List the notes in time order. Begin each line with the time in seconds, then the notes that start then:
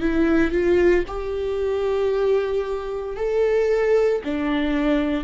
0.00 E4
0.51 F4
1.07 G4
3.16 A4
4.23 D4